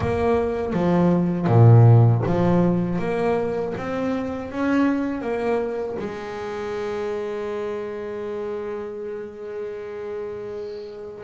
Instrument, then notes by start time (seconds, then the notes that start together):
double bass
0.00 A#3
0.73 F3
1.47 A#2
2.26 F3
2.98 A#3
3.77 C4
4.51 C#4
5.21 A#3
5.98 G#3